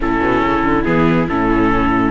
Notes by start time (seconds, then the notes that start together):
0.00 A2 C#4 E4 A4
0.20 B2
0.42 C#3
0.63 D3
0.84 E3 B3 G#4
1.28 A2 C#4 A4